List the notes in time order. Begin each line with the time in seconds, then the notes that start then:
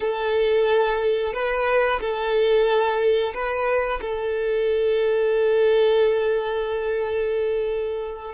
0.00 A4
1.33 B4
2.00 A4
3.33 B4
4.01 A4